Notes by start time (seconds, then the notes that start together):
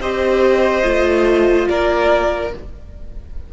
0.00 C4 G4 C5 D#5
0.83 A3 F4
1.69 A#3 A#4 D5